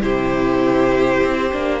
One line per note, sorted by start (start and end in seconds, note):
0.00 1.22 C3
0.00 1.50 E4
0.00 1.80 G4
0.00 1.80 C5
1.22 1.52 C4
1.52 1.80 A#3
1.52 1.80 D4